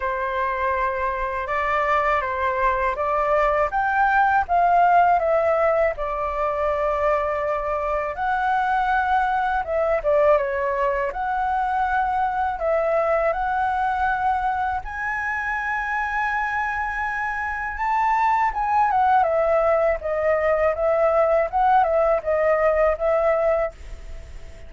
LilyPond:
\new Staff \with { instrumentName = "flute" } { \time 4/4 \tempo 4 = 81 c''2 d''4 c''4 | d''4 g''4 f''4 e''4 | d''2. fis''4~ | fis''4 e''8 d''8 cis''4 fis''4~ |
fis''4 e''4 fis''2 | gis''1 | a''4 gis''8 fis''8 e''4 dis''4 | e''4 fis''8 e''8 dis''4 e''4 | }